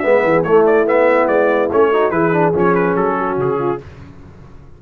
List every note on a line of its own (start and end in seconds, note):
0.00 0.24 G#3
0.00 0.45 B3
0.00 0.25 B4
0.00 0.42 E5
0.24 0.44 E3
0.24 0.45 G#4
0.44 1.27 A3
0.44 0.86 A3
0.44 1.91 E4
0.44 0.65 C#5
0.67 0.88 D5
0.86 1.69 B3
0.86 1.28 E5
1.28 1.70 G#3
1.28 1.69 D5
1.73 2.11 A3
1.73 1.93 C#4
1.73 2.11 C#5
1.92 2.12 D#4
1.92 2.12 F#4
2.11 2.53 E3
2.11 2.33 E4
2.11 3.16 G#4
2.11 2.53 B4
2.33 2.53 D4
2.54 2.96 F3
2.54 3.79 C#4
2.54 2.75 C#5
2.75 2.96 B4
2.96 3.37 F#3
2.96 3.38 A4
3.17 3.59 F#4
3.37 3.79 C#3
3.37 3.83 G#4
3.59 3.80 F4